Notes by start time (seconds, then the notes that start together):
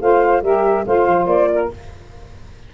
0.00 A3 F4 C5 F5
0.42 G3 G4 A#4 E5
0.86 A3 F4 C5 F5
1.07 F3
1.26 A#3 D5
1.53 A#4